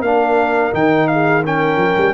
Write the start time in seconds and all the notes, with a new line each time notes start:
0.00 A#3 D4 A#4 F5
0.72 D#3 D#4 G5
1.07 G#4 F5
1.44 C#4 A#4 G5
1.77 F3
1.97 G3